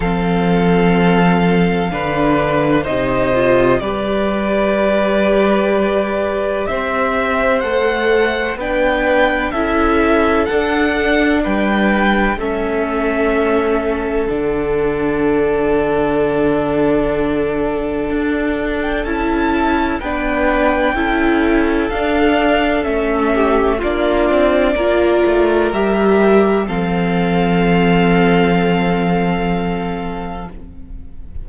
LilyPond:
<<
  \new Staff \with { instrumentName = "violin" } { \time 4/4 \tempo 4 = 63 f''2. dis''4 | d''2. e''4 | fis''4 g''4 e''4 fis''4 | g''4 e''2 fis''4~ |
fis''2.~ fis''8. g''16 | a''4 g''2 f''4 | e''4 d''2 e''4 | f''1 | }
  \new Staff \with { instrumentName = "violin" } { \time 4/4 a'2 b'4 c''4 | b'2. c''4~ | c''4 b'4 a'2 | b'4 a'2.~ |
a'1~ | a'4 b'4 a'2~ | a'8 g'8 f'4 ais'2 | a'1 | }
  \new Staff \with { instrumentName = "viola" } { \time 4/4 c'2 d'4 dis'8 f'8 | g'1 | a'4 d'4 e'4 d'4~ | d'4 cis'2 d'4~ |
d'1 | e'4 d'4 e'4 d'4 | cis'4 d'4 f'4 g'4 | c'1 | }
  \new Staff \with { instrumentName = "cello" } { \time 4/4 f2 d4 c4 | g2. c'4 | a4 b4 cis'4 d'4 | g4 a2 d4~ |
d2. d'4 | cis'4 b4 cis'4 d'4 | a4 ais8 c'8 ais8 a8 g4 | f1 | }
>>